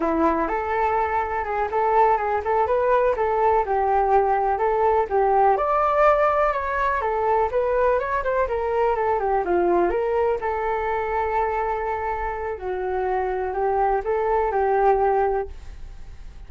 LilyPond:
\new Staff \with { instrumentName = "flute" } { \time 4/4 \tempo 4 = 124 e'4 a'2 gis'8 a'8~ | a'8 gis'8 a'8 b'4 a'4 g'8~ | g'4. a'4 g'4 d''8~ | d''4. cis''4 a'4 b'8~ |
b'8 cis''8 c''8 ais'4 a'8 g'8 f'8~ | f'8 ais'4 a'2~ a'8~ | a'2 fis'2 | g'4 a'4 g'2 | }